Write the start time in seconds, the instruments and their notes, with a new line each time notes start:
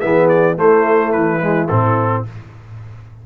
0.00 tuba E3, trombone B3, horn G#4, trumpet E5
0.28 trumpet D5
0.56 trombone A3, tuba A3, horn E4, trumpet C5
1.12 tuba E3, trumpet B4
1.40 trombone G#3
1.68 tuba A2, trombone C4, trumpet A4